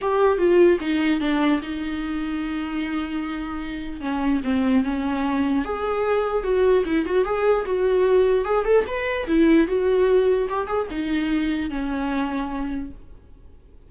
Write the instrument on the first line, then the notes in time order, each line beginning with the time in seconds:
viola
0.01 G4
0.38 F4
0.80 D#4
1.20 D4
1.62 D#4
4.00 C#4
4.44 C4
4.84 C#4
5.65 G#4
6.43 F#4
6.85 E4
7.05 F#4
7.24 G#4
7.65 F#4
8.45 G#4
8.64 A4
8.86 B4
9.27 E4
9.67 F#4
10.49 G4
10.67 G#4
10.90 D#4
11.69 C#4